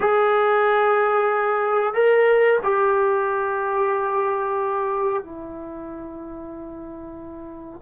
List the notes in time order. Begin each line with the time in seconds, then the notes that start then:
0.00 G#4
1.94 A#4
2.63 G4
5.22 E4